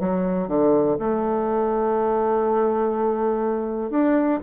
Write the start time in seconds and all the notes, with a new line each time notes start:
0.00 F#3
0.47 D3
0.99 A3
3.90 D4